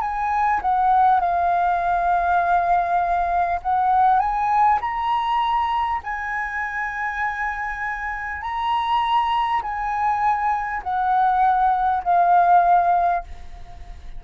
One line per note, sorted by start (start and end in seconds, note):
0.00 0.60 G#5
0.61 1.20 F#5
1.20 3.60 F5
3.62 4.19 F#5
4.19 4.79 G#5
4.81 6.01 A#5
6.03 8.41 G#5
8.41 9.61 A#5
9.62 10.82 G#5
10.83 12.03 F#5
12.03 13.23 F5